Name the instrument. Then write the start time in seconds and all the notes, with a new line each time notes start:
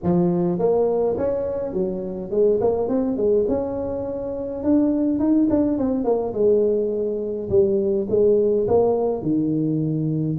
tuba
0.03 F3
0.58 A#3
1.17 C#4
1.73 F#3
2.30 G#3
2.60 A#3
2.88 C4
3.16 G#3
3.48 C#4
4.63 D4
5.19 D#4
5.50 D4
5.78 C4
6.04 A#3
6.33 G#3
7.49 G3
8.09 G#3
8.67 A#3
9.22 D#3